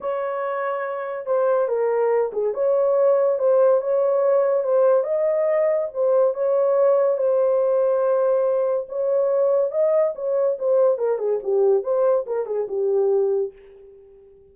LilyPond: \new Staff \with { instrumentName = "horn" } { \time 4/4 \tempo 4 = 142 cis''2. c''4 | ais'4. gis'8 cis''2 | c''4 cis''2 c''4 | dis''2 c''4 cis''4~ |
cis''4 c''2.~ | c''4 cis''2 dis''4 | cis''4 c''4 ais'8 gis'8 g'4 | c''4 ais'8 gis'8 g'2 | }